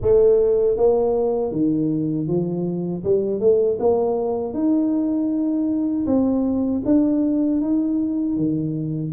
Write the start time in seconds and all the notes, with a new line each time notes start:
0.01 A3
0.76 A#3
1.51 D#3
2.28 F3
3.04 G3
3.40 A3
3.79 A#3
4.53 D#4
6.06 C4
6.85 D4
7.61 D#4
8.36 D#3